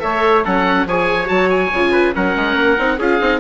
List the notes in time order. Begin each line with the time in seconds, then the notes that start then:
0.00 A3 A4 C#5 E5
0.45 F#3 C#4 A4 F#5
0.86 F3 G#4 C#5 G#5
1.26 F#3 F#4 A5
1.51 G#5
1.73 C#3 F4
1.92 B4
2.14 F#3 C#4 A#4 F#5
2.36 G#3
2.55 A#3
2.78 C4 D#4
2.99 C#4 F4 G#4 F5
3.21 C4 D#4